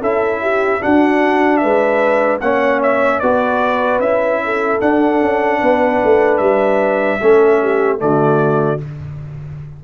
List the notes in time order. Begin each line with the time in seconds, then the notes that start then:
0.00 C#4 E4 A4 E5
0.42 G4
0.80 D4 F#4 F#5
1.57 B4 E5
1.63 G#3
2.41 A#3 C#4 C#5 F#5
2.83 E5
3.20 B3 F#4 B4 D5
4.00 C#4 E4 E5
4.44 A4
4.81 D4 F#5
5.21 C#4
5.60 B3 B4
6.04 A3
6.37 G3 E5
7.21 A3 C#4 A4
7.62 G4
7.98 D3 A3 F#4 D5